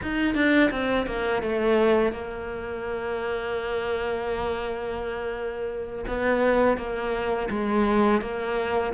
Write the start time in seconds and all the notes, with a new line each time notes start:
0.02 D#4
0.34 D4
0.70 C4
1.06 A#3
1.42 A3
2.11 A#3
6.07 B3
6.77 A#3
7.50 G#3
8.21 A#3